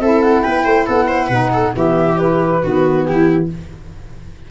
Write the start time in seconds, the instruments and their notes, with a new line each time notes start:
0.00 tuba C4, saxophone E4, viola A4, flute E5
0.23 flute F#5
0.42 tuba B3, viola B4, flute G5
0.65 tuba A3, viola C5
0.86 tuba B3, viola A4, flute F#5
1.08 viola C5
1.27 tuba B2, saxophone D#4, viola B4
1.52 viola A4
1.73 tuba E3, saxophone B3, viola G4, flute E5
2.18 saxophone E4, flute B4
2.62 tuba D#3, saxophone B3, viola F#4
3.05 tuba E3, viola E4, flute G4